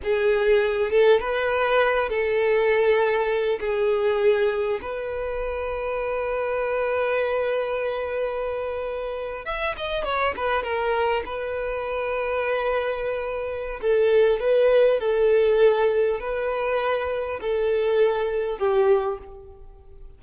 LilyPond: \new Staff \with { instrumentName = "violin" } { \time 4/4 \tempo 4 = 100 gis'4. a'8 b'4. a'8~ | a'2 gis'2 | b'1~ | b'2.~ b'8. e''16~ |
e''16 dis''8 cis''8 b'8 ais'4 b'4~ b'16~ | b'2. a'4 | b'4 a'2 b'4~ | b'4 a'2 g'4 | }